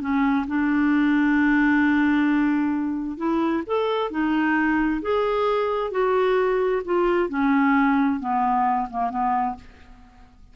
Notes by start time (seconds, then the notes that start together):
0.00 C#4
0.47 D4
3.17 E4
3.66 A4
4.10 D#4
5.01 G#4
5.91 F#4
6.85 F4
7.29 C#4
8.20 B3
8.90 A#3
9.10 B3